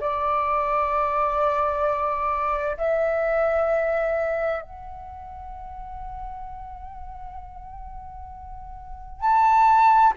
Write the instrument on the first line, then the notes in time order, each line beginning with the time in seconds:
flute
0.00 D5
2.78 E5
4.62 F#5
9.21 A5